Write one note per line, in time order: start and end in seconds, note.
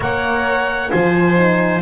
0.00 0.91 A#3
0.00 0.89 A#4
0.00 0.91 C#5
0.00 0.90 F#5
0.89 1.81 F3
0.89 1.35 F4
0.89 1.81 C5
0.89 1.81 G#5
1.36 1.81 D#4